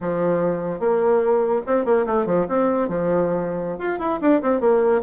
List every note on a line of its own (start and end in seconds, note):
0.01 0.79 F3
0.79 1.61 A#3
1.66 1.85 C4
1.85 2.05 A#3
2.06 2.25 A3
2.25 2.46 F3
2.48 2.88 C4
2.88 3.78 F3
3.78 3.99 F4
3.99 4.19 E4
4.21 4.41 D4
4.42 4.60 C4
4.60 5.01 A#3